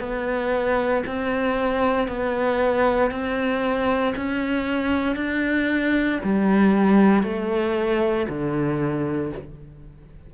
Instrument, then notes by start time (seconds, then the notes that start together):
cello
0.00 B3
1.07 C4
2.08 B3
3.11 C4
4.17 C#4
5.16 D4
6.24 G3
7.23 A3
8.29 D3